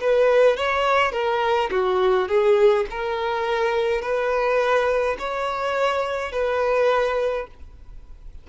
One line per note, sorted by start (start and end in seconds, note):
0.00 0.57 B4
0.57 1.12 C#5
1.12 1.69 A#4
1.70 2.28 F#4
2.28 2.86 G#4
2.90 4.01 A#4
4.01 5.17 B4
5.18 6.31 C#5
6.31 7.47 B4